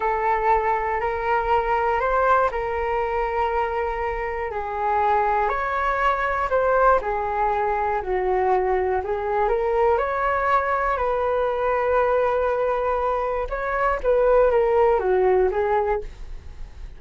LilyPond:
\new Staff \with { instrumentName = "flute" } { \time 4/4 \tempo 4 = 120 a'2 ais'2 | c''4 ais'2.~ | ais'4 gis'2 cis''4~ | cis''4 c''4 gis'2 |
fis'2 gis'4 ais'4 | cis''2 b'2~ | b'2. cis''4 | b'4 ais'4 fis'4 gis'4 | }